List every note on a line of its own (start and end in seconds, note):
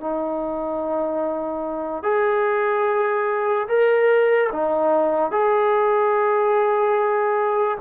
0.00 2.02 D#4
2.02 3.67 G#4
3.68 4.50 A#4
4.52 5.31 D#4
5.31 7.77 G#4